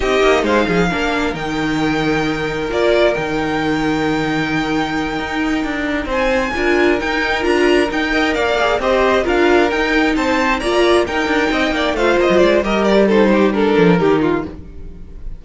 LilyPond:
<<
  \new Staff \with { instrumentName = "violin" } { \time 4/4 \tempo 4 = 133 dis''4 f''2 g''4~ | g''2 d''4 g''4~ | g''1~ | g''4. gis''2 g''8~ |
g''8 ais''4 g''4 f''4 dis''8~ | dis''8 f''4 g''4 a''4 ais''8~ | ais''8 g''2 f''8 dis''8 d''8 | dis''8 d''8 c''4 ais'2 | }
  \new Staff \with { instrumentName = "violin" } { \time 4/4 g'4 c''8 gis'8 ais'2~ | ais'1~ | ais'1~ | ais'4. c''4 ais'4.~ |
ais'2 dis''8 d''4 c''8~ | c''8 ais'2 c''4 d''8~ | d''8 ais'4 dis''8 d''8 c''4. | ais'4 a'8 g'8 a'4 g'8 f'8 | }
  \new Staff \with { instrumentName = "viola" } { \time 4/4 dis'2 d'4 dis'4~ | dis'2 f'4 dis'4~ | dis'1~ | dis'2~ dis'8 f'4 dis'8~ |
dis'8 f'4 dis'8 ais'4 gis'8 g'8~ | g'8 f'4 dis'2 f'8~ | f'8 dis'2 f'4. | g'4 dis'4 d'4 dis'4 | }
  \new Staff \with { instrumentName = "cello" } { \time 4/4 c'8 ais8 gis8 f8 ais4 dis4~ | dis2 ais4 dis4~ | dis2.~ dis8 dis'8~ | dis'8 d'4 c'4 d'4 dis'8~ |
dis'8 d'4 dis'4 ais4 c'8~ | c'8 d'4 dis'4 c'4 ais8~ | ais8 dis'8 d'8 c'8 ais8 a8 ais16 fis16 gis8 | g2~ g8 f8 dis4 | }
>>